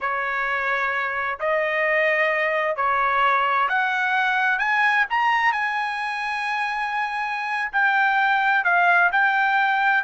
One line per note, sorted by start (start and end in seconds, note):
0.00 1.39 C#5
1.39 2.76 D#5
2.76 3.68 C#5
3.68 4.59 F#5
4.59 5.05 G#5
5.10 5.52 A#5
5.52 7.71 G#5
7.72 8.64 G5
8.64 9.10 F5
9.12 10.04 G5